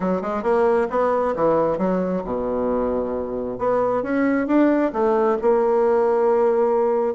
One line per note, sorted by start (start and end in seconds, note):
0.00 0.21 F#3
0.21 0.43 G#3
0.43 0.87 A#3
0.90 1.34 B3
1.35 1.77 E3
1.77 2.22 F#3
2.24 3.58 B2
3.58 4.02 B3
4.02 4.47 C#4
4.47 4.92 D4
4.93 5.37 A3
5.41 7.14 A#3